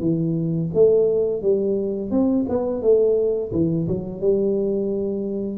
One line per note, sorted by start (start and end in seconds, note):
0.00 0.70 E3
0.74 1.42 A3
1.42 2.11 G3
2.11 2.46 C4
2.49 2.82 B3
2.82 3.52 A3
3.52 3.87 E3
3.88 4.21 F#3
4.21 5.58 G3